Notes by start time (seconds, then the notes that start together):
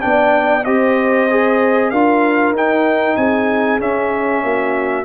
0.00 B3 D4 D5 G5
0.65 C4 G4 C5 D#5
1.31 G#4
1.90 D4 F4 A#4 F5
2.52 D#4 G5
3.17 C4 G#4 G#5
3.80 C#4 E5
4.44 A#3 F#4